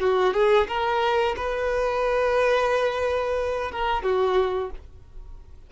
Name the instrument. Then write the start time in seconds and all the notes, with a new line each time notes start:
violin
0.00 F#4
0.33 G#4
0.67 A#4
1.36 B4
3.71 A#4
4.03 F#4